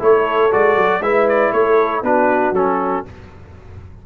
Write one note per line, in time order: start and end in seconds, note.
0.00 0.52 A3
0.00 0.51 E4
0.00 1.02 A4
0.00 0.53 C#5
0.51 0.76 G#3
0.51 1.02 F#4
0.51 1.03 D5
0.76 1.01 F#3
1.01 1.51 G#3
1.01 2.04 E4
1.01 1.54 B4
1.01 1.28 E5
1.29 1.53 D5
1.53 2.03 A3
1.53 2.04 A4
1.53 2.04 C#5
2.03 2.53 B3
2.03 2.55 D4
2.03 3.05 F#4
2.03 2.55 B4
2.53 3.03 F#3
2.53 3.06 C#4
2.53 3.06 A4